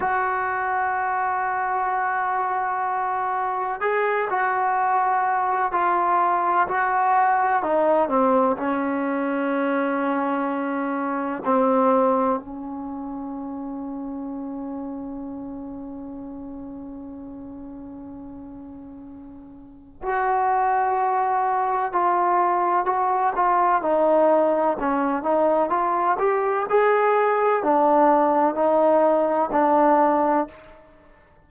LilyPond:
\new Staff \with { instrumentName = "trombone" } { \time 4/4 \tempo 4 = 63 fis'1 | gis'8 fis'4. f'4 fis'4 | dis'8 c'8 cis'2. | c'4 cis'2.~ |
cis'1~ | cis'4 fis'2 f'4 | fis'8 f'8 dis'4 cis'8 dis'8 f'8 g'8 | gis'4 d'4 dis'4 d'4 | }